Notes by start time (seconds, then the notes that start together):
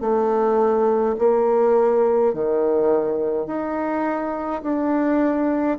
0.00 A3
1.19 A#3
2.33 D#3
3.46 D#4
4.63 D4